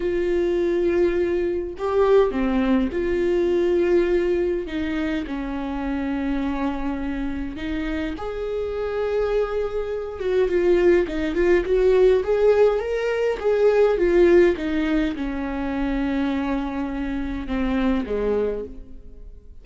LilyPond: \new Staff \with { instrumentName = "viola" } { \time 4/4 \tempo 4 = 103 f'2. g'4 | c'4 f'2. | dis'4 cis'2.~ | cis'4 dis'4 gis'2~ |
gis'4. fis'8 f'4 dis'8 f'8 | fis'4 gis'4 ais'4 gis'4 | f'4 dis'4 cis'2~ | cis'2 c'4 gis4 | }